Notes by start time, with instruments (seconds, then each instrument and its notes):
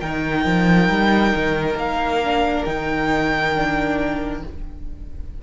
0.00 cello D#3, viola D#4, violin A#4 G5
0.45 cello F3
0.89 cello G3
1.35 cello D#3
1.75 cello A#3, violin F5
2.23 viola D4
2.65 cello D#3, viola D#4, violin G5
3.54 viola D4